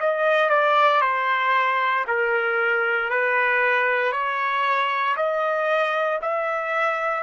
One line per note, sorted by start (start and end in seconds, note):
0.00 0.49 D#5
0.49 1.01 D5
1.01 2.05 C5
2.07 3.10 A#4
3.10 4.12 B4
4.12 5.15 C#5
5.16 6.20 D#5
6.22 7.23 E5